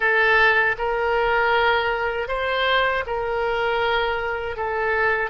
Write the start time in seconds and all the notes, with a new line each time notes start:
0.00 A4
0.78 A#4
2.28 C5
3.06 A#4
4.56 A4